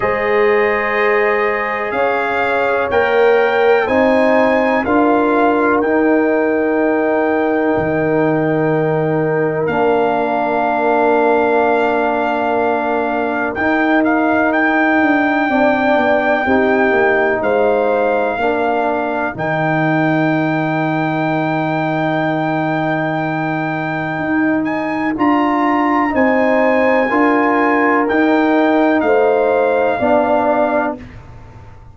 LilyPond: <<
  \new Staff \with { instrumentName = "trumpet" } { \time 4/4 \tempo 4 = 62 dis''2 f''4 g''4 | gis''4 f''4 g''2~ | g''2 f''2~ | f''2 g''8 f''8 g''4~ |
g''2 f''2 | g''1~ | g''4. gis''8 ais''4 gis''4~ | gis''4 g''4 f''2 | }
  \new Staff \with { instrumentName = "horn" } { \time 4/4 c''2 cis''2 | c''4 ais'2.~ | ais'1~ | ais'1 |
d''4 g'4 c''4 ais'4~ | ais'1~ | ais'2. c''4 | ais'2 c''4 d''4 | }
  \new Staff \with { instrumentName = "trombone" } { \time 4/4 gis'2. ais'4 | dis'4 f'4 dis'2~ | dis'2 d'2~ | d'2 dis'2 |
d'4 dis'2 d'4 | dis'1~ | dis'2 f'4 dis'4 | f'4 dis'2 d'4 | }
  \new Staff \with { instrumentName = "tuba" } { \time 4/4 gis2 cis'4 ais4 | c'4 d'4 dis'2 | dis2 ais2~ | ais2 dis'4. d'8 |
c'8 b8 c'8 ais8 gis4 ais4 | dis1~ | dis4 dis'4 d'4 c'4 | d'4 dis'4 a4 b4 | }
>>